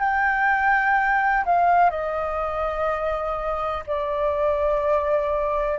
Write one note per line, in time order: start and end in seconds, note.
0.00 1.45 G5
1.46 1.91 F5
1.91 3.84 D#5
3.87 5.79 D5